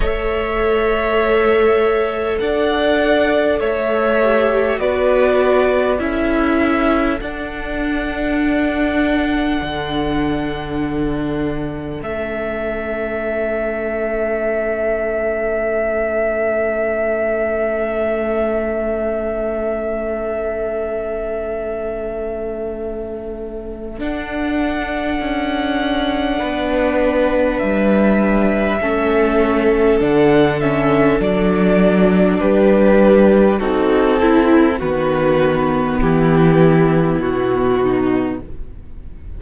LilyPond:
<<
  \new Staff \with { instrumentName = "violin" } { \time 4/4 \tempo 4 = 50 e''2 fis''4 e''4 | d''4 e''4 fis''2~ | fis''2 e''2~ | e''1~ |
e''1 | fis''2. e''4~ | e''4 fis''8 e''8 d''4 b'4 | a'4 b'4 g'4 fis'4 | }
  \new Staff \with { instrumentName = "violin" } { \time 4/4 cis''2 d''4 cis''4 | b'4 a'2.~ | a'1~ | a'1~ |
a'1~ | a'2 b'2 | a'2. g'4 | fis'8 e'8 fis'4 e'4. dis'8 | }
  \new Staff \with { instrumentName = "viola" } { \time 4/4 a'2.~ a'8 g'8 | fis'4 e'4 d'2~ | d'2 cis'2~ | cis'1~ |
cis'1 | d'1 | cis'4 d'8 cis'8 d'2 | dis'8 e'8 b2. | }
  \new Staff \with { instrumentName = "cello" } { \time 4/4 a2 d'4 a4 | b4 cis'4 d'2 | d2 a2~ | a1~ |
a1 | d'4 cis'4 b4 g4 | a4 d4 fis4 g4 | c'4 dis4 e4 b,4 | }
>>